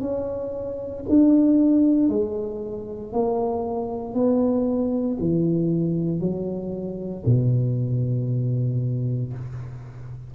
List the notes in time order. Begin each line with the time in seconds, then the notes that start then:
0.00 C#4
1.09 D4
2.09 G#3
3.12 A#3
4.14 B3
5.20 E3
6.20 F#3
7.26 B2